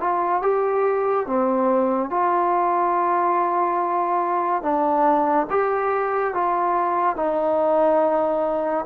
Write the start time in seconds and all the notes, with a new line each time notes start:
0.00 F4
0.42 G4
1.26 C4
2.10 F4
4.62 D4
5.50 G4
6.34 F4
7.16 D#4